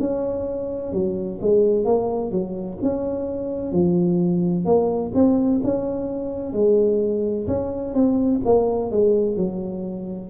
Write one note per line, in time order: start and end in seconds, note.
0.00 0.92 C#4
0.92 1.39 F#3
1.41 1.85 G#3
1.85 2.31 A#3
2.31 2.78 F#3
2.83 3.72 C#4
3.72 4.65 F3
4.65 5.12 A#3
5.15 5.62 C4
5.64 6.53 C#4
6.53 7.47 G#3
7.47 7.94 C#4
7.94 8.41 C4
8.45 8.91 A#3
8.91 9.37 G#3
9.37 10.30 F#3